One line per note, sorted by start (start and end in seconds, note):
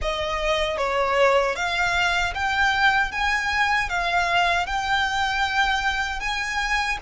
0.01 0.77 D#5
0.77 1.55 C#5
1.55 2.33 F5
2.34 3.11 G5
3.11 3.89 G#5
3.89 4.66 F5
4.66 6.19 G5
6.19 6.97 G#5